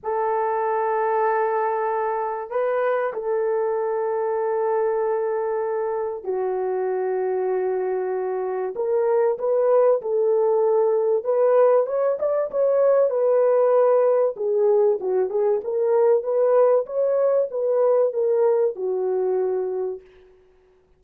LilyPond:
\new Staff \with { instrumentName = "horn" } { \time 4/4 \tempo 4 = 96 a'1 | b'4 a'2.~ | a'2 fis'2~ | fis'2 ais'4 b'4 |
a'2 b'4 cis''8 d''8 | cis''4 b'2 gis'4 | fis'8 gis'8 ais'4 b'4 cis''4 | b'4 ais'4 fis'2 | }